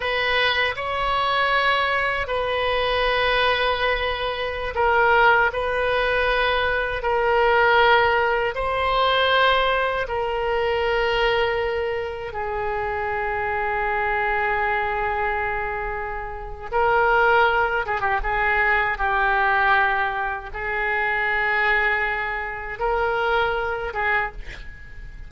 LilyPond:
\new Staff \with { instrumentName = "oboe" } { \time 4/4 \tempo 4 = 79 b'4 cis''2 b'4~ | b'2~ b'16 ais'4 b'8.~ | b'4~ b'16 ais'2 c''8.~ | c''4~ c''16 ais'2~ ais'8.~ |
ais'16 gis'2.~ gis'8.~ | gis'2 ais'4. gis'16 g'16 | gis'4 g'2 gis'4~ | gis'2 ais'4. gis'8 | }